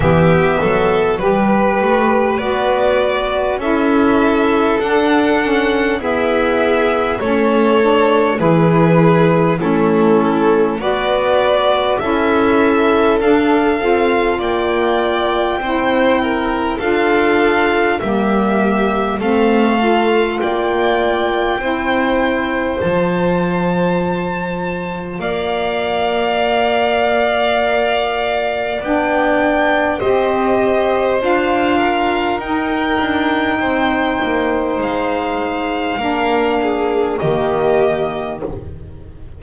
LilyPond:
<<
  \new Staff \with { instrumentName = "violin" } { \time 4/4 \tempo 4 = 50 e''4 b'4 d''4 e''4 | fis''4 e''4 cis''4 b'4 | a'4 d''4 e''4 f''4 | g''2 f''4 e''4 |
f''4 g''2 a''4~ | a''4 f''2. | g''4 dis''4 f''4 g''4~ | g''4 f''2 dis''4 | }
  \new Staff \with { instrumentName = "violin" } { \time 4/4 g'8 a'8 b'2 a'4~ | a'4 gis'4 a'4 gis'4 | e'4 b'4 a'2 | d''4 c''8 ais'8 a'4 g'4 |
a'4 d''4 c''2~ | c''4 d''2.~ | d''4 c''4. ais'4. | c''2 ais'8 gis'8 g'4 | }
  \new Staff \with { instrumentName = "saxophone" } { \time 4/4 b4 g'4 fis'4 e'4 | d'8 cis'8 b4 cis'8 d'8 e'4 | cis'4 fis'4 e'4 d'8 f'8~ | f'4 e'4 f'4 ais4 |
c'8 f'4. e'4 f'4~ | f'1 | d'4 g'4 f'4 dis'4~ | dis'2 d'4 ais4 | }
  \new Staff \with { instrumentName = "double bass" } { \time 4/4 e8 fis8 g8 a8 b4 cis'4 | d'4 e'4 a4 e4 | a4 b4 cis'4 d'8 c'8 | ais4 c'4 d'4 g4 |
a4 ais4 c'4 f4~ | f4 ais2. | b4 c'4 d'4 dis'8 d'8 | c'8 ais8 gis4 ais4 dis4 | }
>>